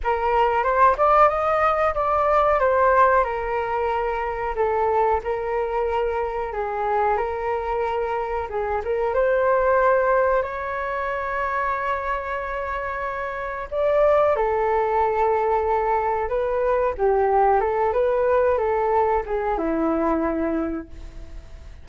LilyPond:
\new Staff \with { instrumentName = "flute" } { \time 4/4 \tempo 4 = 92 ais'4 c''8 d''8 dis''4 d''4 | c''4 ais'2 a'4 | ais'2 gis'4 ais'4~ | ais'4 gis'8 ais'8 c''2 |
cis''1~ | cis''4 d''4 a'2~ | a'4 b'4 g'4 a'8 b'8~ | b'8 a'4 gis'8 e'2 | }